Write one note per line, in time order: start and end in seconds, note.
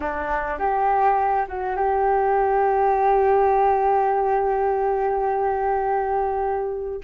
0.00 0.57 D4
0.58 1.46 G4
1.47 1.76 F#4
1.76 7.00 G4